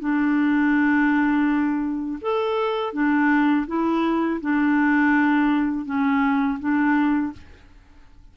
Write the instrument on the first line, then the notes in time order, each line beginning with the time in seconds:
clarinet
0.00 D4
2.22 A4
2.93 D4
3.68 E4
4.41 D4
5.86 C#4
6.60 D4